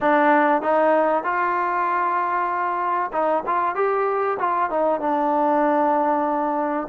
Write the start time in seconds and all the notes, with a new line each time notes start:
0.00 D4
0.62 D#4
1.23 F4
3.12 D#4
3.46 F4
3.75 G4
4.39 F4
4.69 D#4
5.00 D4